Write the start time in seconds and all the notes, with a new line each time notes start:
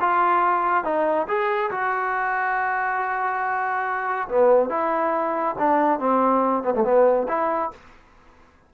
0.00 F4
0.84 D#4
1.27 G#4
1.71 F#4
4.29 B3
4.69 E4
5.59 D4
5.99 C4
6.63 B3
6.74 A3
6.84 B3
7.28 E4